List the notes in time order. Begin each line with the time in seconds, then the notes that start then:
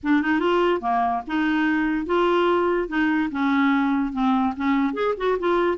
0.03 D4
0.21 D#4
0.39 F4
0.81 A#3
1.27 D#4
2.06 F4
2.88 D#4
3.31 C#4
4.12 C4
4.56 C#4
4.93 G#4
5.17 F#4
5.39 F4